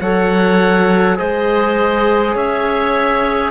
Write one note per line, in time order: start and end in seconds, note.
0.00 1.18 F#3
0.00 1.17 A4
0.00 1.17 C#5
0.00 1.18 F#5
1.17 2.35 G#3
1.17 3.51 G#4
1.17 2.34 C5
1.17 2.36 D#5
2.34 3.51 C#4
2.34 3.51 C#5
2.34 3.51 E5